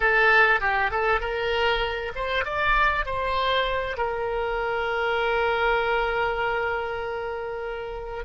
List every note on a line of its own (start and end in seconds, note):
0.00 0.60 A4
0.60 0.90 G4
0.90 1.20 A4
1.20 2.12 A#4
2.15 2.44 C5
2.44 3.05 D5
3.05 3.97 C5
3.97 8.25 A#4